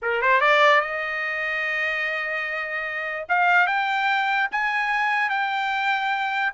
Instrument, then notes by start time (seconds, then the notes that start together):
trumpet
0.01 A#4
0.21 C5
0.40 D5
0.80 D#5
3.29 F5
3.66 G5
4.51 G#5
5.29 G5